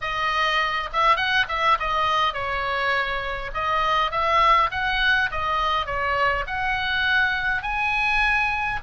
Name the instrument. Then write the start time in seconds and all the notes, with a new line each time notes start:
oboe
0.01 D#5
0.93 E5
1.16 F#5
1.48 E5
1.79 D#5
2.33 C#5
3.53 D#5
4.11 E5
4.71 F#5
5.31 D#5
5.85 C#5
6.46 F#5
7.62 G#5